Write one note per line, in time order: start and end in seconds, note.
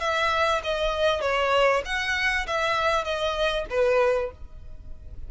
0.00 0.61 E5
0.64 1.21 D#5
1.21 1.83 C#5
1.85 2.46 F#5
2.47 3.04 E5
3.04 3.66 D#5
3.70 4.31 B4